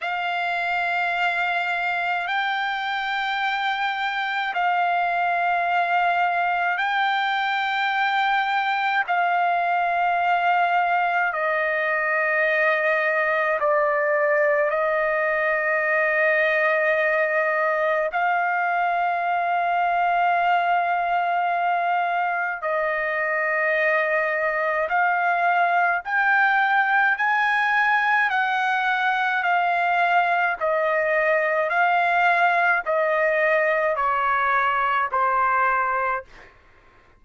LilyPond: \new Staff \with { instrumentName = "trumpet" } { \time 4/4 \tempo 4 = 53 f''2 g''2 | f''2 g''2 | f''2 dis''2 | d''4 dis''2. |
f''1 | dis''2 f''4 g''4 | gis''4 fis''4 f''4 dis''4 | f''4 dis''4 cis''4 c''4 | }